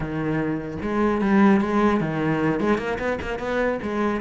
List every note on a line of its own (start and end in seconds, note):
0.00 0.77 D#3
0.81 1.21 G#3
1.21 1.61 G3
1.61 2.00 G#3
2.00 2.60 D#3
2.60 2.78 G#3
2.78 2.98 A#3
2.98 3.18 B3
3.21 3.38 A#3
3.38 3.78 B3
3.82 4.21 G#3